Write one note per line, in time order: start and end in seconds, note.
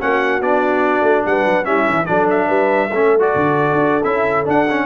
0.00 0.41 A#3
0.00 0.41 C#4
0.00 1.26 F#4
0.00 0.42 F#5
0.41 1.01 B3
0.41 1.64 D4
0.41 1.24 D5
1.01 1.22 A3
1.25 1.45 G3
1.25 1.66 B4
1.25 1.65 F#5
1.45 1.66 F#3
1.64 1.86 G3
1.64 2.05 C#4
1.64 2.07 E4
1.64 2.05 E5
1.87 2.08 E3
2.05 2.49 F#3
2.05 2.88 D4
2.05 2.47 A4
2.05 2.26 D5
2.30 3.20 E5
2.47 2.90 G3
2.47 2.88 B4
2.90 3.33 A3
2.90 3.19 C#4
2.90 4.85 A4
3.19 4.02 F#4
3.19 4.03 D5
3.35 3.72 D3
3.72 4.03 D4
4.03 4.46 C#4
4.03 4.45 E4
4.03 4.45 E5
4.45 4.66 D4
4.45 4.85 D4
4.45 4.85 F#5
4.70 4.85 C#4